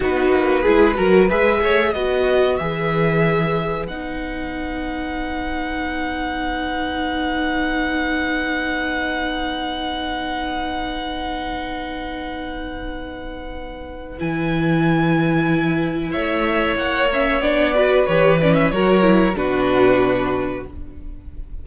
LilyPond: <<
  \new Staff \with { instrumentName = "violin" } { \time 4/4 \tempo 4 = 93 b'2 e''4 dis''4 | e''2 fis''2~ | fis''1~ | fis''1~ |
fis''1~ | fis''2 gis''2~ | gis''4 e''4 fis''8 e''8 d''4 | cis''8 d''16 e''16 cis''4 b'2 | }
  \new Staff \with { instrumentName = "violin" } { \time 4/4 fis'4 gis'8 ais'8 b'8 cis''8 b'4~ | b'1~ | b'1~ | b'1~ |
b'1~ | b'1~ | b'4 cis''2~ cis''8 b'8~ | b'4 ais'4 fis'2 | }
  \new Staff \with { instrumentName = "viola" } { \time 4/4 dis'4 e'8 fis'8 gis'4 fis'4 | gis'2 dis'2~ | dis'1~ | dis'1~ |
dis'1~ | dis'2 e'2~ | e'2~ e'8 cis'8 d'8 fis'8 | g'8 cis'8 fis'8 e'8 d'2 | }
  \new Staff \with { instrumentName = "cello" } { \time 4/4 b8 ais8 gis8 fis8 gis8 a8 b4 | e2 b2~ | b1~ | b1~ |
b1~ | b2 e2~ | e4 a4 ais4 b4 | e4 fis4 b,2 | }
>>